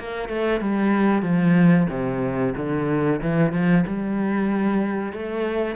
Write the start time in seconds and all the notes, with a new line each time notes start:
0.00 A#3
0.29 A3
0.61 G3
1.23 F3
1.90 C3
2.57 D3
3.22 E3
3.52 F3
3.87 G3
5.13 A3